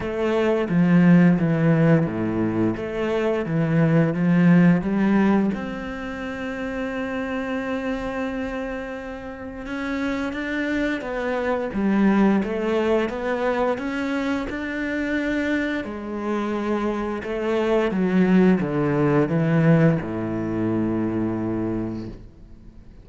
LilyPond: \new Staff \with { instrumentName = "cello" } { \time 4/4 \tempo 4 = 87 a4 f4 e4 a,4 | a4 e4 f4 g4 | c'1~ | c'2 cis'4 d'4 |
b4 g4 a4 b4 | cis'4 d'2 gis4~ | gis4 a4 fis4 d4 | e4 a,2. | }